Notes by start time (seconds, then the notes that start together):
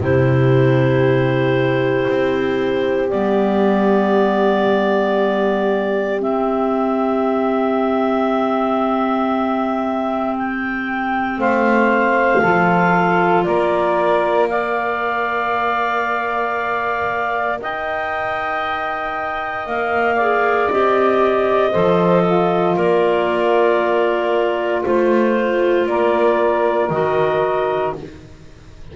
0.00 C3 E4 G4 C5
2.08 C4
3.09 G3 B3 D5
6.20 C4 E5
10.38 G5
11.39 A3 C5 F5
12.41 F3 F4 A4
13.44 A#3 A#4 D5
14.49 A#4 D5 F5
17.61 D#4 D#5 G5
19.67 A#3 F5
20.16 G#4 D5
20.70 C4 G4 D#5
21.72 F3 A4 C5
22.24 F4
22.76 A#3 A#4 D5
24.85 A3 F4 C5
25.87 A#3 A#4 D5
26.89 D#3 F#4 D#5